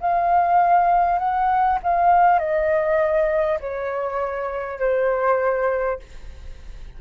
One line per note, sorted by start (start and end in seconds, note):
0.00 1.18 F5
1.18 1.78 F#5
1.83 2.39 F5
2.39 3.59 D#5
3.60 4.79 C#5
4.79 5.99 C5